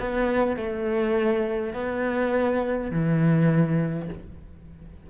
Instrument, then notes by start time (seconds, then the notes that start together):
cello
0.00 B3
0.57 A3
1.74 B3
2.91 E3